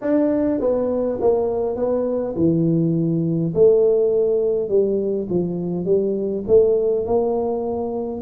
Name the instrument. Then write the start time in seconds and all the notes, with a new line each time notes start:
tuba
0.01 D4
0.60 B3
1.20 A#3
1.76 B3
2.35 E3
3.54 A3
4.68 G3
5.29 F3
5.85 G3
6.47 A3
7.05 A#3